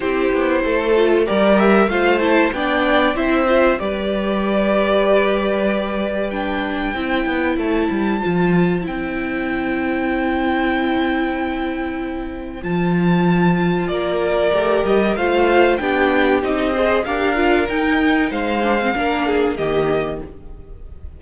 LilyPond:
<<
  \new Staff \with { instrumentName = "violin" } { \time 4/4 \tempo 4 = 95 c''2 d''8 e''8 f''8 a''8 | g''4 e''4 d''2~ | d''2 g''2 | a''2 g''2~ |
g''1 | a''2 d''4. dis''8 | f''4 g''4 dis''4 f''4 | g''4 f''2 dis''4 | }
  \new Staff \with { instrumentName = "violin" } { \time 4/4 g'4 a'4 ais'4 c''4 | d''4 c''4 b'2~ | b'2. c''4~ | c''1~ |
c''1~ | c''2 ais'2 | c''4 g'4. c''8 ais'4~ | ais'4 c''4 ais'8 gis'8 g'4 | }
  \new Staff \with { instrumentName = "viola" } { \time 4/4 e'4. f'8 g'4 f'8 e'8 | d'4 e'8 f'8 g'2~ | g'2 d'4 e'4~ | e'4 f'4 e'2~ |
e'1 | f'2. g'4 | f'4 d'4 dis'8 gis'8 g'8 f'8 | dis'4. d'16 c'16 d'4 ais4 | }
  \new Staff \with { instrumentName = "cello" } { \time 4/4 c'8 b8 a4 g4 a4 | b4 c'4 g2~ | g2. c'8 b8 | a8 g8 f4 c'2~ |
c'1 | f2 ais4 a8 g8 | a4 b4 c'4 d'4 | dis'4 gis4 ais4 dis4 | }
>>